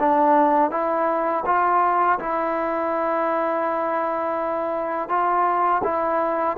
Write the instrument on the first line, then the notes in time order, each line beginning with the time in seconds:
trombone
0.00 D4
0.71 E4
1.46 F4
2.20 E4
5.09 F4
5.84 E4